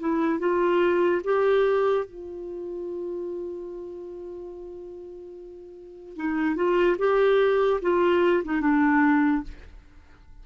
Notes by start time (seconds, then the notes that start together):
0.00 E4
0.40 F4
1.24 G4
2.05 F4
6.16 D#4
6.56 F4
6.99 G4
7.82 F4
8.45 D#4
8.61 D4